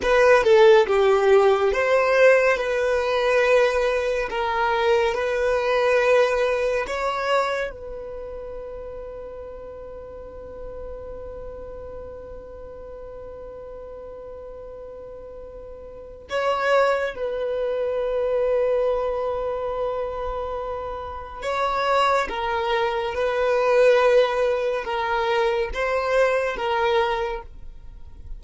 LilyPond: \new Staff \with { instrumentName = "violin" } { \time 4/4 \tempo 4 = 70 b'8 a'8 g'4 c''4 b'4~ | b'4 ais'4 b'2 | cis''4 b'2.~ | b'1~ |
b'2. cis''4 | b'1~ | b'4 cis''4 ais'4 b'4~ | b'4 ais'4 c''4 ais'4 | }